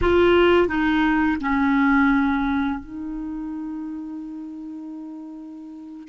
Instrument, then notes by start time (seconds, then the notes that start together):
clarinet
0.01 F4
0.68 D#4
1.40 C#4
2.79 D#4